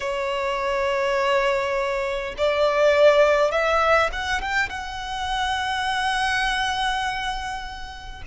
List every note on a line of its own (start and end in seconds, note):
0.00 2.34 C#5
2.37 3.51 D5
3.51 4.10 E5
4.12 4.41 F#5
4.41 4.69 G5
4.69 8.22 F#5